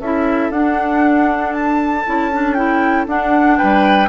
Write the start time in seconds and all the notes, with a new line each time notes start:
0.00 C#4 E4 A4 E5
0.50 D4 F#5
1.53 A5
2.06 C#4 E4
2.32 D4
2.54 E4 G5
3.07 D4 F#5
3.58 G3 B4 G5